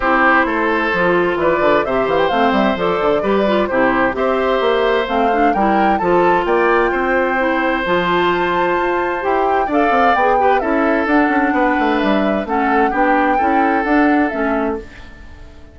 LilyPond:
<<
  \new Staff \with { instrumentName = "flute" } { \time 4/4 \tempo 4 = 130 c''2. d''4 | e''8 f''16 g''16 f''8 e''8 d''2 | c''4 e''2 f''4 | g''4 a''4 g''2~ |
g''4 a''2. | g''4 f''4 g''4 e''4 | fis''2 e''4 fis''4 | g''2 fis''4 e''4 | }
  \new Staff \with { instrumentName = "oboe" } { \time 4/4 g'4 a'2 b'4 | c''2. b'4 | g'4 c''2. | ais'4 a'4 d''4 c''4~ |
c''1~ | c''4 d''4. b'8 a'4~ | a'4 b'2 a'4 | g'4 a'2. | }
  \new Staff \with { instrumentName = "clarinet" } { \time 4/4 e'2 f'2 | g'4 c'4 a'4 g'8 f'8 | e'4 g'2 c'8 d'8 | e'4 f'2. |
e'4 f'2. | g'4 a'4 gis'8 g'8 e'4 | d'2. cis'4 | d'4 e'4 d'4 cis'4 | }
  \new Staff \with { instrumentName = "bassoon" } { \time 4/4 c'4 a4 f4 e8 d8 | c8 e8 a8 g8 f8 d8 g4 | c4 c'4 ais4 a4 | g4 f4 ais4 c'4~ |
c'4 f2 f'4 | e'4 d'8 c'8 b4 cis'4 | d'8 cis'8 b8 a8 g4 a4 | b4 cis'4 d'4 a4 | }
>>